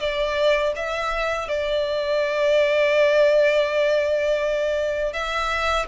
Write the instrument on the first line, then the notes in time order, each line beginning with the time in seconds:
violin
0.00 D5
0.76 E5
1.48 D5
5.13 E5